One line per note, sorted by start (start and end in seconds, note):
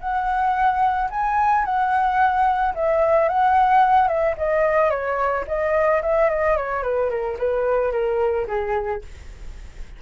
0.00 1.09 F#5
1.10 1.65 G#5
1.65 2.74 F#5
2.74 3.29 E5
3.29 4.08 F#5
4.08 4.35 E5
4.37 4.90 D#5
4.90 5.45 C#5
5.47 6.02 D#5
6.02 6.29 E5
6.29 6.56 D#5
6.56 6.82 C#5
6.82 7.10 B4
7.10 7.37 A#4
7.39 7.92 B4
7.92 8.46 A#4
8.47 9.02 G#4